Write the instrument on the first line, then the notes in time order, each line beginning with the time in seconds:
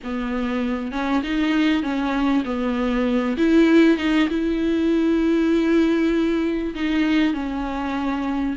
viola
0.03 B3
0.91 C#4
1.23 D#4
1.82 C#4
2.44 B3
3.37 E4
3.97 D#4
4.29 E4
6.74 D#4
7.33 C#4